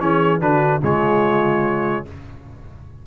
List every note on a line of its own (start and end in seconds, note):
0.00 0.41 E3
0.00 0.40 C#4
0.00 0.40 G#4
0.00 0.41 C#5
0.40 0.81 D3
0.40 0.81 D4
0.40 0.81 F#4
0.40 0.82 B4
0.83 2.05 C#3
0.83 2.05 G#3
0.83 2.06 F4
0.83 2.07 C#5